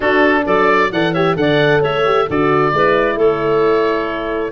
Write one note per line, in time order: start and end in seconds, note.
0.00 0.45 D4
0.00 0.92 D4
0.00 0.42 F#4
0.00 0.45 A4
0.45 0.91 F#3
0.45 0.91 A4
0.45 0.91 D5
0.91 1.36 E3
0.91 1.15 A4
0.91 1.13 D5
0.91 1.13 F#5
1.13 1.36 G4
1.13 1.36 C#5
1.13 1.36 E5
1.36 1.81 D3
1.36 2.04 A4
1.36 1.81 D5
1.36 1.82 F#5
1.81 2.28 A3
1.81 2.26 C#5
1.81 2.29 E5
2.05 2.28 G4
2.27 2.72 D3
2.27 2.73 F#4
2.27 2.73 A4
2.27 3.19 D5
2.72 3.16 G#3
2.72 4.51 E4
2.72 3.15 B4
3.15 4.51 A3
3.15 4.51 A4
3.15 4.51 C#5